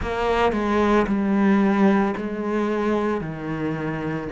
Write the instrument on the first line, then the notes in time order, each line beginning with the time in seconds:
cello
0.02 A#3
0.52 G#3
1.07 G3
2.17 G#3
3.20 D#3